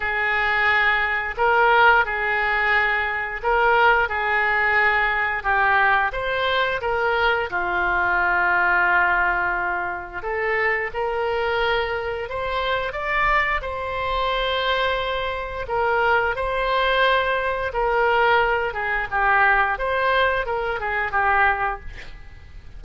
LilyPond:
\new Staff \with { instrumentName = "oboe" } { \time 4/4 \tempo 4 = 88 gis'2 ais'4 gis'4~ | gis'4 ais'4 gis'2 | g'4 c''4 ais'4 f'4~ | f'2. a'4 |
ais'2 c''4 d''4 | c''2. ais'4 | c''2 ais'4. gis'8 | g'4 c''4 ais'8 gis'8 g'4 | }